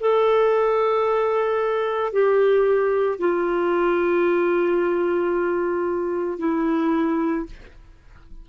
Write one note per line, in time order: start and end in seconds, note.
0.00 2.12 A4
2.12 3.19 G4
3.19 6.38 F4
6.38 7.45 E4